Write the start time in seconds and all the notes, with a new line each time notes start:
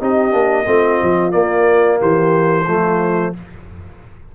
0.00 C4 D#4 G4 D#5
0.31 A#3 D4
0.66 A3 C4 F4
1.02 F3
1.32 A#3 D5
2.00 E3 G4 C5
2.66 F3 A3 F4